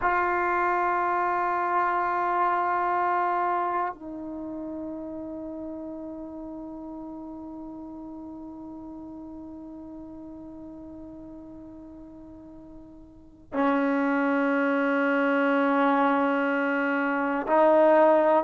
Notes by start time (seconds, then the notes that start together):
0.01 F4
3.93 D#4
13.52 C#4
17.46 D#4